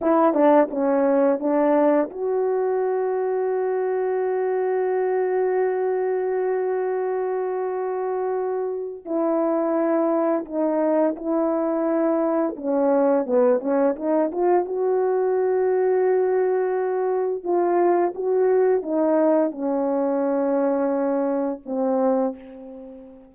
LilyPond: \new Staff \with { instrumentName = "horn" } { \time 4/4 \tempo 4 = 86 e'8 d'8 cis'4 d'4 fis'4~ | fis'1~ | fis'1~ | fis'4 e'2 dis'4 |
e'2 cis'4 b8 cis'8 | dis'8 f'8 fis'2.~ | fis'4 f'4 fis'4 dis'4 | cis'2. c'4 | }